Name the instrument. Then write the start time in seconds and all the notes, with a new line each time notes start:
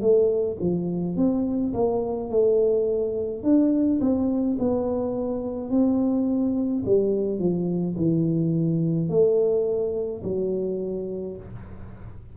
tuba
0.00 A3
0.60 F3
1.16 C4
1.73 A#3
2.30 A3
3.43 D4
4.00 C4
4.59 B3
5.70 C4
6.85 G3
7.39 F3
7.96 E3
9.09 A3
10.23 F#3